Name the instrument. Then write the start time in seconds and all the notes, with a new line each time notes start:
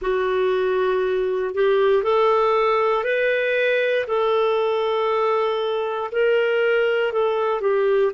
clarinet
0.01 F#4
1.54 G4
2.03 A4
3.04 B4
4.07 A4
6.11 A#4
7.12 A4
7.60 G4